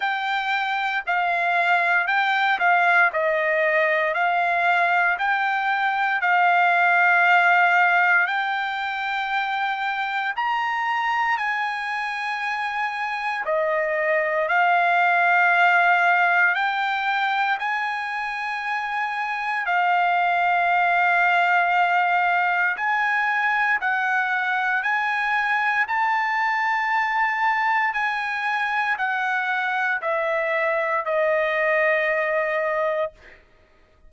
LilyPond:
\new Staff \with { instrumentName = "trumpet" } { \time 4/4 \tempo 4 = 58 g''4 f''4 g''8 f''8 dis''4 | f''4 g''4 f''2 | g''2 ais''4 gis''4~ | gis''4 dis''4 f''2 |
g''4 gis''2 f''4~ | f''2 gis''4 fis''4 | gis''4 a''2 gis''4 | fis''4 e''4 dis''2 | }